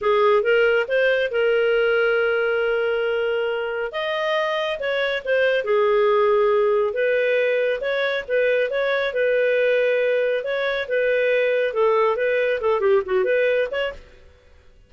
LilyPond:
\new Staff \with { instrumentName = "clarinet" } { \time 4/4 \tempo 4 = 138 gis'4 ais'4 c''4 ais'4~ | ais'1~ | ais'4 dis''2 cis''4 | c''4 gis'2. |
b'2 cis''4 b'4 | cis''4 b'2. | cis''4 b'2 a'4 | b'4 a'8 g'8 fis'8 b'4 cis''8 | }